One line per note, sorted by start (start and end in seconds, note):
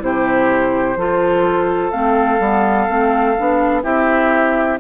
0.00 0.96 C3
0.00 0.95 E4
0.00 0.98 G4
0.00 1.91 C5
0.96 1.91 F3
0.96 1.92 F4
0.96 3.83 A4
1.91 2.39 A3
1.91 2.39 C4
1.91 3.81 F5
2.39 2.87 G3
2.39 2.88 B3
2.88 3.37 A3
2.88 3.36 C4
3.38 3.84 B3
3.38 3.83 D4
3.83 4.79 C4
3.83 4.78 E4
3.83 4.78 G4
3.83 4.79 E5